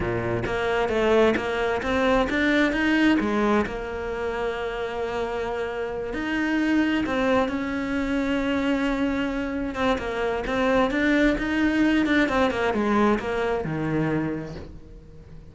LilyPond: \new Staff \with { instrumentName = "cello" } { \time 4/4 \tempo 4 = 132 ais,4 ais4 a4 ais4 | c'4 d'4 dis'4 gis4 | ais1~ | ais4. dis'2 c'8~ |
c'8 cis'2.~ cis'8~ | cis'4. c'8 ais4 c'4 | d'4 dis'4. d'8 c'8 ais8 | gis4 ais4 dis2 | }